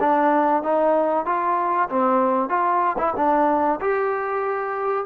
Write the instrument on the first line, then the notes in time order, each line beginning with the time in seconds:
trombone
0.00 D4
0.63 D#4
1.25 F4
1.89 C4
2.49 F4
2.98 E4
3.17 D4
3.81 G4